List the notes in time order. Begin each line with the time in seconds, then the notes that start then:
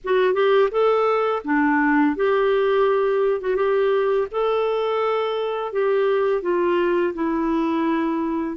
0.04 F#4
0.33 G4
0.71 A4
1.44 D4
2.16 G4
3.41 F#4
3.56 G4
4.31 A4
5.72 G4
6.42 F4
7.14 E4